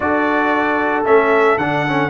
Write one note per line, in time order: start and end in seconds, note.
0.00 1.04 D4
0.00 1.05 F#4
0.00 2.09 A4
0.00 1.04 D5
1.05 1.57 A3
1.05 1.58 C#4
1.05 1.58 E5
1.57 2.09 D3
1.57 1.86 D4
1.57 2.09 F#5
1.87 2.09 C#4